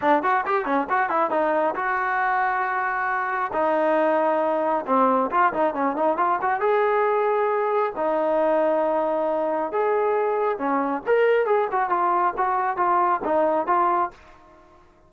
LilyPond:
\new Staff \with { instrumentName = "trombone" } { \time 4/4 \tempo 4 = 136 d'8 fis'8 g'8 cis'8 fis'8 e'8 dis'4 | fis'1 | dis'2. c'4 | f'8 dis'8 cis'8 dis'8 f'8 fis'8 gis'4~ |
gis'2 dis'2~ | dis'2 gis'2 | cis'4 ais'4 gis'8 fis'8 f'4 | fis'4 f'4 dis'4 f'4 | }